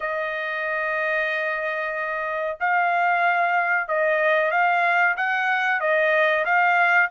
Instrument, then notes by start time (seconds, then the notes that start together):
trumpet
0.00 D#5
2.60 F5
3.87 D#5
4.51 F5
5.16 F#5
5.80 D#5
6.45 F5